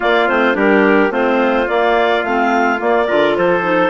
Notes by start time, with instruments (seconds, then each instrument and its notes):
0.00 clarinet A#3 D5, bassoon A#3, trumpet F4
0.28 bassoon A3, clarinet C4 C5
0.53 bassoon G3, clarinet D4 A#4, trumpet G4
1.10 bassoon A3, clarinet C4 C5, trumpet F4
1.68 clarinet A#3 D5, bassoon A#3
2.23 bassoon A3, clarinet C4 F5
2.78 clarinet A#3 D5, bassoon A#3
3.07 bassoon D3, clarinet F4, trumpet A#4
3.36 bassoon F3, trumpet A4, clarinet C5
3.62 clarinet D#4